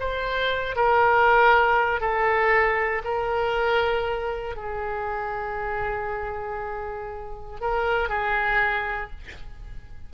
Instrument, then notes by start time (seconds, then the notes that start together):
oboe
0.00 C5
0.76 A#4
2.01 A4
3.04 A#4
4.56 G#4
7.61 A#4
8.09 G#4